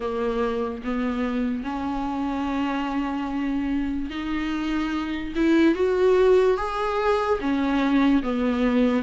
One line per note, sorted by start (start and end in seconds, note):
0.00 0.82 A#3
0.84 1.63 B3
1.63 4.09 C#4
4.10 5.33 D#4
5.35 5.75 E4
5.75 6.57 F#4
6.57 7.39 G#4
7.40 8.22 C#4
8.22 9.03 B3